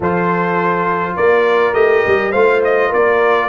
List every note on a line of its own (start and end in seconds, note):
0.00 1.15 F3
0.00 1.73 F4
0.00 1.15 A4
0.00 1.16 C5
1.15 1.73 A#3
1.15 2.31 A#4
1.15 1.74 D5
1.73 2.02 A3
1.73 2.32 G4
1.73 2.32 D#5
2.07 2.33 G3
2.31 2.92 A3
2.31 3.49 F4
2.31 2.88 C5
2.31 2.61 F5
2.63 2.93 D#5
2.88 3.49 A#3
2.88 3.46 A#4
2.88 3.49 D5